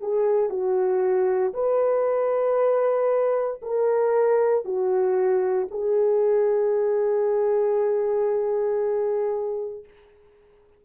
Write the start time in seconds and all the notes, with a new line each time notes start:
0.00 G#4
0.49 F#4
1.53 B4
3.62 A#4
4.65 F#4
5.71 G#4